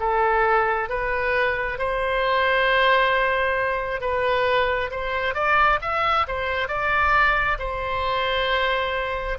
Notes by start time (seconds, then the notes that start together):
0.00 A4
0.90 B4
1.79 C5
4.01 B4
4.91 C5
5.35 D5
5.82 E5
6.28 C5
6.68 D5
7.59 C5